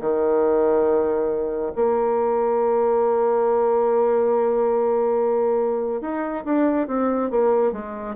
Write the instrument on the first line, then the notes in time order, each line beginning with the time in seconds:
bassoon
0.00 D#3
1.75 A#3
6.01 D#4
6.44 D4
6.87 C4
7.30 A#3
7.72 G#3